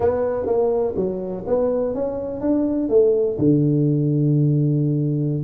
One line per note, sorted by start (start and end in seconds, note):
0.00 0.46 B3
0.46 0.94 A#3
0.96 1.44 F#3
1.46 1.94 B3
1.94 2.41 C#4
2.41 2.89 D4
2.89 3.37 A3
3.38 5.43 D3